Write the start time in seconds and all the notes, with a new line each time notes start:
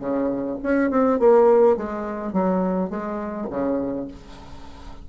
0.00 C#3
0.63 C#4
0.90 C4
1.19 A#3
1.77 G#3
2.33 F#3
2.90 G#3
3.50 C#3